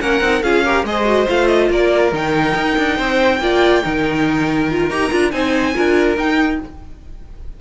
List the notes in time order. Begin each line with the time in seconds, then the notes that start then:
0.00 A#3 C#4 A#4 F#5
0.20 C4 D#4
0.42 C#4 F4 G#4 F5
0.64 G4 A#4
0.83 G#3 G#4 D#5
0.90 C5
1.05 F#4
1.27 A3 F4 F5
1.46 D#5
1.69 A#3 A#4 D5
2.12 D#3 D#4 G5
2.55 D#4
2.77 D4
2.96 C4 C5
3.40 A#3 F4 D5
3.83 D#3 D#4 A#4
4.71 F4
4.89 D#4 G4 A#5
5.11 D4 F4
5.31 C4 D#4 C5 G#5
5.73 D4 F4 A#4
6.16 D#4 G5